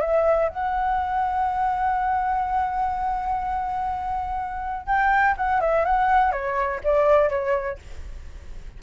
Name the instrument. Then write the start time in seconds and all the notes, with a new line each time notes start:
flute
0.00 E5
0.49 F#5
4.86 G5
5.37 F#5
5.61 E5
5.85 F#5
6.32 C#5
6.84 D5
7.29 C#5